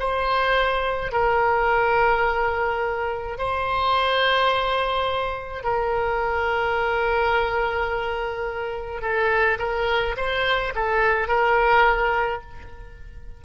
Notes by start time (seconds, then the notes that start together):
0.00 C5
1.12 A#4
3.38 C5
5.64 A#4
9.02 A4
9.59 A#4
10.17 C5
10.75 A4
11.28 A#4